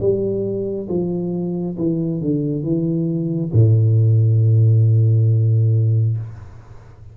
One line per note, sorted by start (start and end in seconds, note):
0.00 0.88 G3
0.89 1.77 F3
1.78 2.21 E3
2.21 2.64 D3
2.64 3.52 E3
3.53 6.17 A2